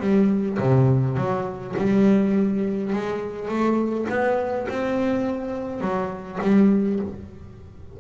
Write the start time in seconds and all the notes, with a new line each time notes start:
0.00 G3
0.59 C3
1.17 F#3
1.77 G3
2.93 G#3
3.49 A3
4.09 B3
4.69 C4
5.81 F#3
6.42 G3